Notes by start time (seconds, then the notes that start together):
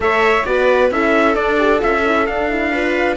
0.00 A3 A4 C#5 E5
0.45 B3 F#4 B4 D5
0.90 C#4 E4 A4 E5
1.35 D4 D5
1.58 G4
1.79 C#4 F4 E5
2.05 E4
2.26 D4 F5
2.49 E4
2.71 F4 B4